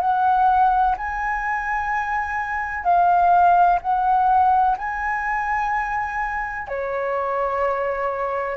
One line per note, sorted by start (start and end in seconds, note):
0.00 0.95 F#5
0.97 2.84 G#5
2.84 3.79 F5
3.81 4.77 F#5
4.77 6.68 G#5
6.68 8.56 C#5